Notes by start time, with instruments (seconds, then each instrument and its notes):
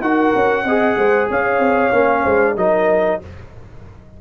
0.00 tuba D#4, trombone F#4, horn A#4, trumpet F#5
0.35 tuba C#4
0.64 tuba C4, trombone G#4, horn D#5
0.97 tuba G#3, horn C5
1.30 tuba C#4, horn C#5, trumpet F5
1.59 tuba C4
1.93 tuba A#3, trombone C#4
2.23 tuba G#3, horn C5
2.56 tuba F#3, trombone D#4, horn A#4, trumpet D#5